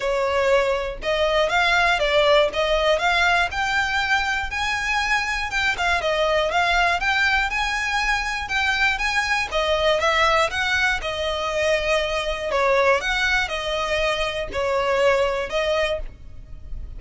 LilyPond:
\new Staff \with { instrumentName = "violin" } { \time 4/4 \tempo 4 = 120 cis''2 dis''4 f''4 | d''4 dis''4 f''4 g''4~ | g''4 gis''2 g''8 f''8 | dis''4 f''4 g''4 gis''4~ |
gis''4 g''4 gis''4 dis''4 | e''4 fis''4 dis''2~ | dis''4 cis''4 fis''4 dis''4~ | dis''4 cis''2 dis''4 | }